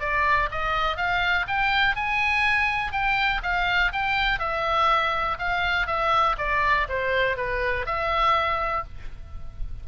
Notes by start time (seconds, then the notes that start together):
0.00 D5
0.51 D#5
0.97 F5
1.48 G5
1.96 G#5
2.92 G5
3.43 F5
3.93 G5
4.39 E5
5.39 F5
5.87 E5
6.38 D5
6.89 C5
7.37 B4
7.86 E5